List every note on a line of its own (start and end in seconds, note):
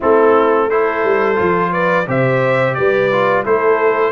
0.00 1.03 A3
0.00 0.70 C4
0.00 0.67 E4
0.00 0.70 A4
0.68 1.35 E4
0.68 1.71 A4
0.68 1.72 C5
1.03 1.38 G3
1.35 2.07 F3
1.35 2.04 F4
1.71 2.06 B4
1.71 2.07 D5
2.07 2.76 C3
2.07 3.11 G4
2.07 2.77 C5
2.07 2.74 E5
2.74 3.45 G3
2.74 3.44 B4
2.74 3.43 D5
3.11 3.45 F4
3.44 4.12 A3
3.44 4.12 E4
3.44 4.12 A4
3.44 4.12 C5